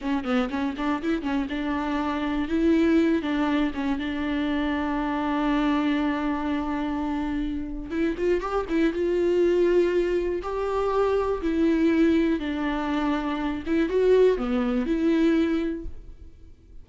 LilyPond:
\new Staff \with { instrumentName = "viola" } { \time 4/4 \tempo 4 = 121 cis'8 b8 cis'8 d'8 e'8 cis'8 d'4~ | d'4 e'4. d'4 cis'8 | d'1~ | d'1 |
e'8 f'8 g'8 e'8 f'2~ | f'4 g'2 e'4~ | e'4 d'2~ d'8 e'8 | fis'4 b4 e'2 | }